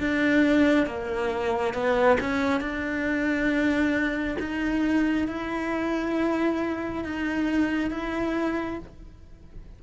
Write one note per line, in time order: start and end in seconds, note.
0.00 0.87 D4
0.87 1.74 A#3
1.74 2.18 B3
2.20 2.61 C#4
2.61 4.37 D4
4.40 5.28 D#4
5.28 7.04 E4
7.04 7.91 D#4
7.91 8.79 E4